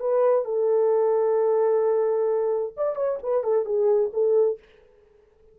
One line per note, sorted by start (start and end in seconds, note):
0.00 0.45 B4
0.45 2.74 A4
2.77 2.96 D5
2.96 3.19 C#5
3.23 3.44 B4
3.44 3.65 A4
3.65 4.11 G#4
4.13 4.59 A4